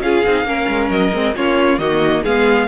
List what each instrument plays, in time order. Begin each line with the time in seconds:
0.00 cello C#4, viola F4, violin G#4 F5
0.26 cello C4, viola D#4
0.44 cello A#3, viola C#4, violin A#4
0.68 cello G#3
0.90 cello F#3, violin D#5
1.13 cello G#3, viola C4
1.36 cello A#3, viola C#4, violin F4 C#5
1.78 cello D#3, viola A#3, violin F#4 D#5
2.23 cello G#3, viola B3, violin G#4 F5